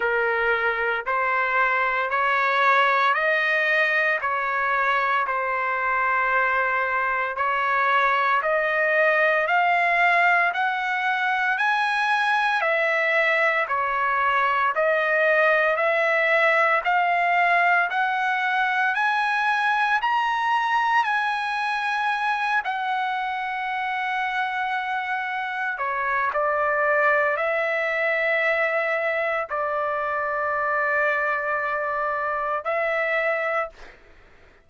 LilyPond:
\new Staff \with { instrumentName = "trumpet" } { \time 4/4 \tempo 4 = 57 ais'4 c''4 cis''4 dis''4 | cis''4 c''2 cis''4 | dis''4 f''4 fis''4 gis''4 | e''4 cis''4 dis''4 e''4 |
f''4 fis''4 gis''4 ais''4 | gis''4. fis''2~ fis''8~ | fis''8 cis''8 d''4 e''2 | d''2. e''4 | }